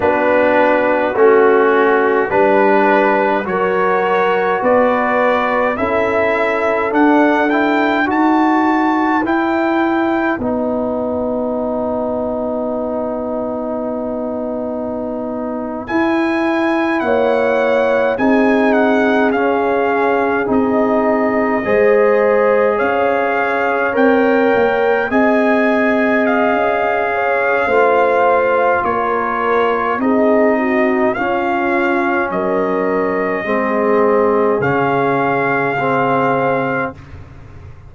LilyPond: <<
  \new Staff \with { instrumentName = "trumpet" } { \time 4/4 \tempo 4 = 52 b'4 fis'4 b'4 cis''4 | d''4 e''4 fis''8 g''8 a''4 | g''4 fis''2.~ | fis''4.~ fis''16 gis''4 fis''4 gis''16~ |
gis''16 fis''8 f''4 dis''2 f''16~ | f''8. g''4 gis''4 f''4~ f''16~ | f''4 cis''4 dis''4 f''4 | dis''2 f''2 | }
  \new Staff \with { instrumentName = "horn" } { \time 4/4 fis'2 b'4 ais'4 | b'4 a'2 b'4~ | b'1~ | b'2~ b'8. cis''4 gis'16~ |
gis'2~ gis'8. c''4 cis''16~ | cis''4.~ cis''16 dis''4.~ dis''16 cis''8 | c''4 ais'4 gis'8 fis'8 f'4 | ais'4 gis'2. | }
  \new Staff \with { instrumentName = "trombone" } { \time 4/4 d'4 cis'4 d'4 fis'4~ | fis'4 e'4 d'8 e'8 fis'4 | e'4 dis'2.~ | dis'4.~ dis'16 e'2 dis'16~ |
dis'8. cis'4 dis'4 gis'4~ gis'16~ | gis'8. ais'4 gis'2~ gis'16 | f'2 dis'4 cis'4~ | cis'4 c'4 cis'4 c'4 | }
  \new Staff \with { instrumentName = "tuba" } { \time 4/4 b4 a4 g4 fis4 | b4 cis'4 d'4 dis'4 | e'4 b2.~ | b4.~ b16 e'4 ais4 c'16~ |
c'8. cis'4 c'4 gis4 cis'16~ | cis'8. c'8 ais8 c'4~ c'16 cis'4 | a4 ais4 c'4 cis'4 | fis4 gis4 cis2 | }
>>